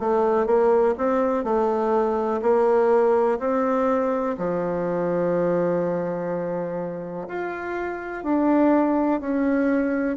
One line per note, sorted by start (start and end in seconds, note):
0.00 0.47 A3
0.47 0.95 A#3
0.98 1.44 C4
1.44 2.41 A3
2.42 3.39 A#3
3.40 4.36 C4
4.38 7.28 F3
7.28 8.24 F4
8.24 9.21 D4
9.21 10.17 C#4